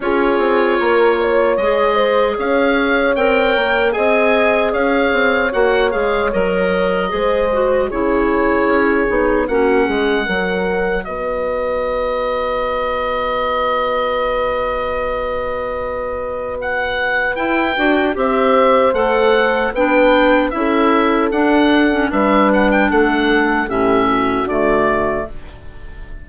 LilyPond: <<
  \new Staff \with { instrumentName = "oboe" } { \time 4/4 \tempo 4 = 76 cis''2 dis''4 f''4 | g''4 gis''4 f''4 fis''8 f''8 | dis''2 cis''2 | fis''2 dis''2~ |
dis''1~ | dis''4 fis''4 g''4 e''4 | fis''4 g''4 e''4 fis''4 | e''8 fis''16 g''16 fis''4 e''4 d''4 | }
  \new Staff \with { instrumentName = "horn" } { \time 4/4 gis'4 ais'8 cis''4 c''8 cis''4~ | cis''4 dis''4 cis''2~ | cis''4 c''4 gis'2 | fis'8 gis'8 ais'4 b'2~ |
b'1~ | b'2. c''4~ | c''4 b'4 a'2 | b'4 a'4 g'8 fis'4. | }
  \new Staff \with { instrumentName = "clarinet" } { \time 4/4 f'2 gis'2 | ais'4 gis'2 fis'8 gis'8 | ais'4 gis'8 fis'8 e'4. dis'8 | cis'4 fis'2.~ |
fis'1~ | fis'2 e'8 fis'8 g'4 | a'4 d'4 e'4 d'8. cis'16 | d'2 cis'4 a4 | }
  \new Staff \with { instrumentName = "bassoon" } { \time 4/4 cis'8 c'8 ais4 gis4 cis'4 | c'8 ais8 c'4 cis'8 c'8 ais8 gis8 | fis4 gis4 cis4 cis'8 b8 | ais8 gis8 fis4 b2~ |
b1~ | b2 e'8 d'8 c'4 | a4 b4 cis'4 d'4 | g4 a4 a,4 d4 | }
>>